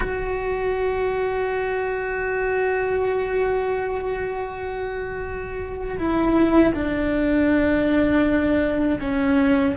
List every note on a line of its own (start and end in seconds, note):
0.00 5.98 F#4
5.98 6.73 E4
6.74 8.99 D4
9.00 9.75 C#4